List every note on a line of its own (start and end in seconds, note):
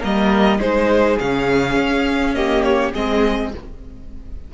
0.00 0.59 G3
0.00 0.58 A#3
0.00 0.58 A#4
0.00 0.60 D#5
0.59 1.17 G#3
0.59 1.18 D#4
0.59 2.35 G#4
0.59 1.18 C5
1.18 1.76 C#3
1.18 2.35 C#4
1.18 2.34 F5
1.76 2.92 C#4
2.34 2.93 A#3
2.34 2.93 G4
2.34 2.63 D#5
2.63 2.92 C#5
2.93 3.53 G#3
2.93 3.52 C4
2.93 3.51 G#4
2.93 3.52 D#5